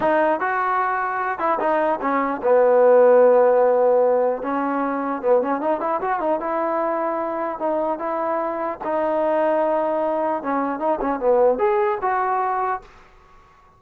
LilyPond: \new Staff \with { instrumentName = "trombone" } { \time 4/4 \tempo 4 = 150 dis'4 fis'2~ fis'8 e'8 | dis'4 cis'4 b2~ | b2. cis'4~ | cis'4 b8 cis'8 dis'8 e'8 fis'8 dis'8 |
e'2. dis'4 | e'2 dis'2~ | dis'2 cis'4 dis'8 cis'8 | b4 gis'4 fis'2 | }